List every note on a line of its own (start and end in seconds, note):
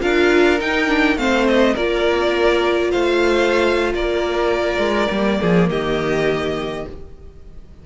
0.00 0.60 D4
0.00 0.58 F4
0.00 1.18 A#4
0.00 0.59 F5
0.59 0.87 D#4
0.59 1.16 D#4
0.59 1.17 G5
0.87 1.16 D4
1.16 1.74 A3
1.16 1.76 C4
1.16 1.74 C5
1.16 1.46 F5
1.47 1.75 D#5
1.74 2.93 A#3
1.74 5.10 F4
1.74 2.90 A#4
1.74 2.91 D5
2.91 3.93 A3
2.91 3.93 C5
2.91 3.93 F5
3.93 4.78 A#3
3.93 5.40 A#4
3.93 5.68 D5
4.78 5.07 G#3
5.10 5.39 G3
5.10 6.85 A#3
5.40 5.69 F3
5.40 5.69 G#4
5.69 6.86 D#3
5.69 6.86 G4
5.69 6.86 D#5